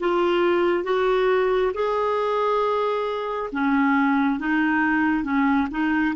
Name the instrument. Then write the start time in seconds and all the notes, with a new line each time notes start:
clarinet
0.00 F4
0.84 F#4
1.74 G#4
3.53 C#4
4.40 D#4
5.24 C#4
5.71 D#4